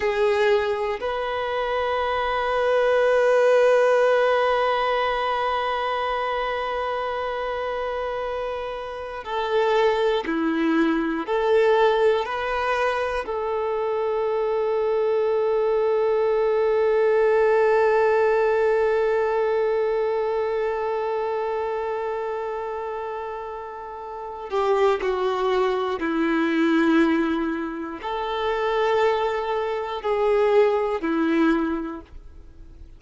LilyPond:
\new Staff \with { instrumentName = "violin" } { \time 4/4 \tempo 4 = 60 gis'4 b'2.~ | b'1~ | b'4~ b'16 a'4 e'4 a'8.~ | a'16 b'4 a'2~ a'8.~ |
a'1~ | a'1~ | a'8 g'8 fis'4 e'2 | a'2 gis'4 e'4 | }